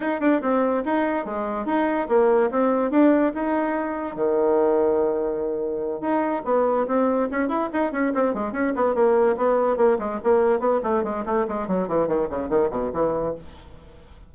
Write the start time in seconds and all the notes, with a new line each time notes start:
0.00 D#4
0.20 D4
0.41 C4
0.85 D#4
1.25 G#3
1.65 D#4
2.08 A#3
2.50 C4
2.90 D4
3.34 D#4
4.15 D#3
6.00 D#4
6.45 B3
6.87 C4
7.31 C#4
7.48 E4
7.73 D#4
7.92 C#4
8.14 C4
8.34 G#3
8.52 C#4
8.75 B3
8.94 A#3
9.37 B3
9.76 A#3
9.98 G#3
10.23 A#3
10.59 B3
10.83 A3
11.03 G#3
11.25 A3
11.48 G#3
11.67 F#3
11.88 E3
12.07 D#3
12.29 C#3
12.49 D#3
12.70 B2
12.93 E3